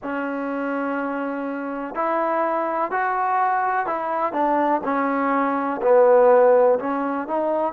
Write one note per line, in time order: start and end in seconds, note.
0.02 1.94 C#4
1.94 2.91 E4
2.91 3.86 F#4
3.86 4.32 E4
4.32 4.81 D4
4.83 5.80 C#4
5.82 6.78 B3
6.79 7.27 C#4
7.27 7.73 D#4